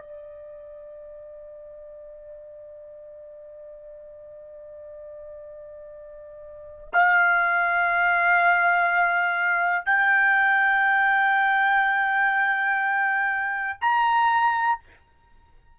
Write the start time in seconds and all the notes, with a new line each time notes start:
0.00 D5
6.93 F5
9.85 G5
13.81 A#5